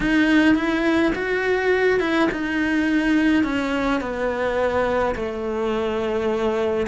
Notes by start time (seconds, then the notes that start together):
0.00 D#4
0.55 E4
1.15 F#4
2.00 E4
2.31 D#4
3.43 C#4
4.00 B3
5.15 A3